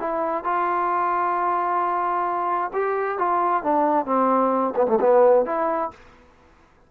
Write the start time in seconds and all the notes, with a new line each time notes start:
0.00 E4
0.44 F4
2.74 G4
3.19 F4
3.63 D4
4.06 C4
4.76 B3
4.88 A3
5.01 B3
5.46 E4